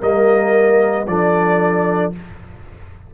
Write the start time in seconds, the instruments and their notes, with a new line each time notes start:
0.00 tuba G3, trombone A#3, horn A#4, trumpet D#5
1.07 tuba F3, trombone D4, horn A4, trumpet D5